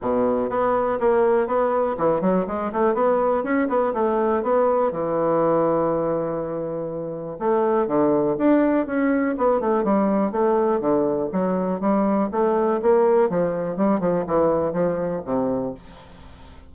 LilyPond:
\new Staff \with { instrumentName = "bassoon" } { \time 4/4 \tempo 4 = 122 b,4 b4 ais4 b4 | e8 fis8 gis8 a8 b4 cis'8 b8 | a4 b4 e2~ | e2. a4 |
d4 d'4 cis'4 b8 a8 | g4 a4 d4 fis4 | g4 a4 ais4 f4 | g8 f8 e4 f4 c4 | }